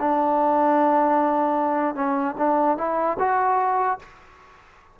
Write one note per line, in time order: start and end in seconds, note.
0.00 1.95 D4
1.95 2.35 C#4
2.38 2.77 D4
2.77 3.17 E4
3.19 3.99 F#4